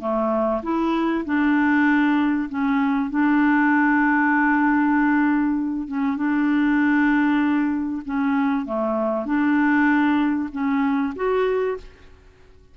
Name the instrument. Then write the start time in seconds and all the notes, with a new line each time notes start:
clarinet
0.00 A3
0.63 E4
1.25 D4
2.49 C#4
3.10 D4
5.88 C#4
6.17 D4
8.05 C#4
8.66 A3
9.26 D4
10.52 C#4
11.16 F#4